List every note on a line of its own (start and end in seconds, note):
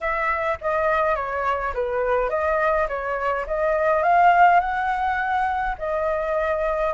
0.00 0.58 E5
0.61 1.15 D#5
1.15 1.73 C#5
1.74 2.29 B4
2.29 2.87 D#5
2.88 3.46 C#5
3.46 4.03 D#5
4.03 4.60 F5
4.60 5.75 F#5
5.78 6.93 D#5